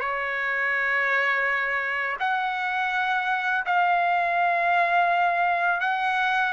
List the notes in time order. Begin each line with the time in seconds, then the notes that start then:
0.00 C#5
2.20 F#5
3.65 F5
5.80 F#5